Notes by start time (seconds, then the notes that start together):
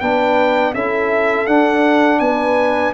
0.00 B3 D4 B4 G5
0.74 C#4 E4 A4 E5
1.47 D4 F#5
2.20 B3 B4 G#5